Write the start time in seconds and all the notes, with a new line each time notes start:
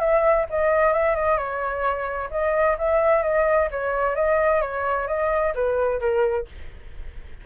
0.00 E5
0.50 D#5
0.94 E5
1.16 D#5
1.38 C#5
2.31 D#5
2.79 E5
3.23 D#5
3.71 C#5
4.16 D#5
4.62 C#5
5.08 D#5
5.55 B4
6.00 A#4